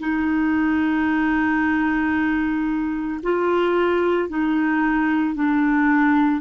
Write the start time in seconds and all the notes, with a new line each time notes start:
0.00 D#4
3.23 F4
4.30 D#4
5.35 D4